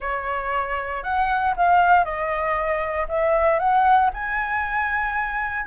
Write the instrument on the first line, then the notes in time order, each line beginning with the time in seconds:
flute
0.00 C#5
1.03 F#5
1.56 F5
2.04 D#5
3.08 E5
3.59 F#5
4.13 G#5